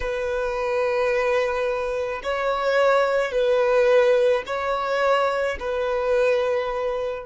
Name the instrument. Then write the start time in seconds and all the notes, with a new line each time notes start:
violin
0.00 B4
2.23 C#5
3.31 B4
4.46 C#5
5.59 B4